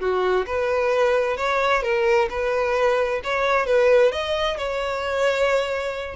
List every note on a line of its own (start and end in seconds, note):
0.00 0.46 F#4
0.46 1.37 B4
1.37 1.83 C#5
1.83 2.28 A#4
2.30 3.21 B4
3.24 3.66 C#5
3.66 4.12 B4
4.12 4.57 D#5
4.57 6.15 C#5